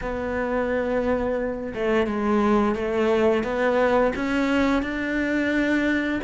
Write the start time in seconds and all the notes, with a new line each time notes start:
0.01 B3
1.74 A3
2.06 G#3
2.75 A3
3.43 B3
4.15 C#4
4.82 D4